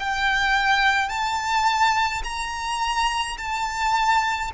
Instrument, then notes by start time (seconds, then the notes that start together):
violin
0.00 G5
1.09 A5
2.24 A#5
3.38 A5